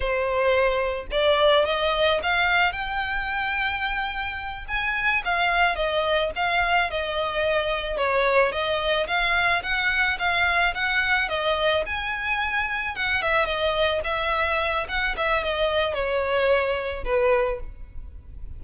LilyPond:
\new Staff \with { instrumentName = "violin" } { \time 4/4 \tempo 4 = 109 c''2 d''4 dis''4 | f''4 g''2.~ | g''8 gis''4 f''4 dis''4 f''8~ | f''8 dis''2 cis''4 dis''8~ |
dis''8 f''4 fis''4 f''4 fis''8~ | fis''8 dis''4 gis''2 fis''8 | e''8 dis''4 e''4. fis''8 e''8 | dis''4 cis''2 b'4 | }